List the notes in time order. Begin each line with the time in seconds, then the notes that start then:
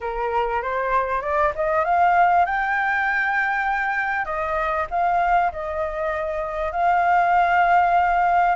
0.00 A#4
0.62 C5
1.21 D5
1.55 D#5
1.84 F5
2.45 G5
4.25 D#5
4.90 F5
5.52 D#5
6.72 F5